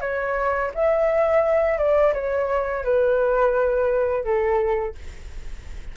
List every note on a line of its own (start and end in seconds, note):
0.00 0.71 C#5
0.74 1.78 E5
1.78 2.13 D5
2.13 2.84 C#5
2.84 4.24 B4
4.24 4.94 A4